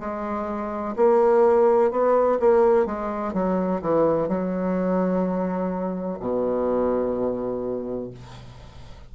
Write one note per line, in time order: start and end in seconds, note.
0.00 0.95 G#3
0.97 1.91 A#3
1.91 2.39 B3
2.40 2.86 A#3
2.86 3.33 G#3
3.33 3.81 F#3
3.82 4.28 E3
4.28 6.19 F#3
6.20 8.11 B2